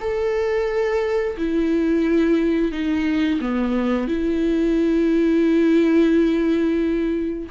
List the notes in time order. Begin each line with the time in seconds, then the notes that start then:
0.00 A4
1.37 E4
2.72 D#4
3.41 B3
4.08 E4